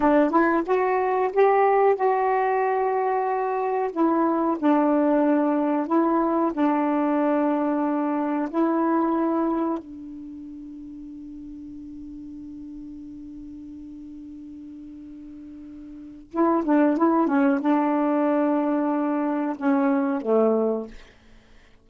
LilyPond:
\new Staff \with { instrumentName = "saxophone" } { \time 4/4 \tempo 4 = 92 d'8 e'8 fis'4 g'4 fis'4~ | fis'2 e'4 d'4~ | d'4 e'4 d'2~ | d'4 e'2 d'4~ |
d'1~ | d'1~ | d'4 e'8 d'8 e'8 cis'8 d'4~ | d'2 cis'4 a4 | }